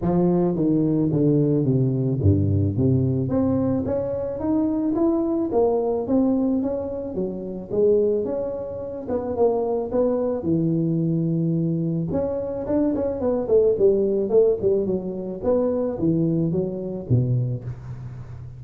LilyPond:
\new Staff \with { instrumentName = "tuba" } { \time 4/4 \tempo 4 = 109 f4 dis4 d4 c4 | g,4 c4 c'4 cis'4 | dis'4 e'4 ais4 c'4 | cis'4 fis4 gis4 cis'4~ |
cis'8 b8 ais4 b4 e4~ | e2 cis'4 d'8 cis'8 | b8 a8 g4 a8 g8 fis4 | b4 e4 fis4 b,4 | }